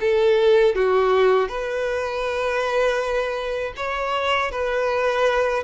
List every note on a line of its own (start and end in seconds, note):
0.00 0.75 A4
0.75 1.48 F#4
1.48 3.73 B4
3.76 4.51 C#5
4.51 5.63 B4